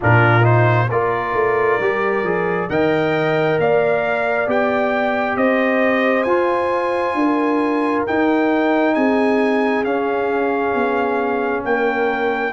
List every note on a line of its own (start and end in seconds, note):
0.00 0.90 A#2
0.00 0.42 D4
0.00 0.90 F4
0.00 0.44 A#4
0.42 0.86 D#4
0.42 0.89 C5
0.90 1.34 A#3
0.90 1.81 F4
0.90 2.70 A#4
0.90 2.69 D5
1.34 1.78 A3
1.79 2.23 G3
1.79 2.24 G4
2.23 2.68 F3
2.23 2.69 G#4
2.69 3.58 D#3
2.69 4.47 A#4
2.69 3.59 D#5
2.69 3.59 G5
3.58 4.47 A#3
3.58 5.37 D5
3.58 4.49 F5
4.47 5.36 B3
4.47 6.26 G4
4.47 5.37 G5
5.36 6.25 C4
5.36 7.16 C5
5.36 6.23 D#5
6.23 7.14 F4
6.23 8.07 F4
6.23 8.02 G#5
7.14 8.04 D4
7.14 8.95 A#4
8.07 9.84 D#4
8.07 8.96 D#4
8.07 8.94 G5
8.94 9.84 C4
8.94 11.64 G#4
8.94 9.84 G#5
9.84 10.74 C#4
9.84 12.53 C#4
9.84 11.63 F5
10.74 11.63 B3
11.64 12.53 A#3
11.64 12.53 A#4
11.64 12.53 G5